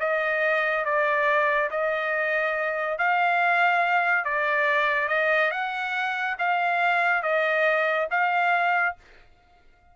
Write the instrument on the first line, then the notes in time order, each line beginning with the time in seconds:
trumpet
0.00 D#5
0.85 D5
1.71 D#5
2.98 F5
4.25 D5
5.08 D#5
5.51 F#5
6.39 F5
7.23 D#5
8.11 F5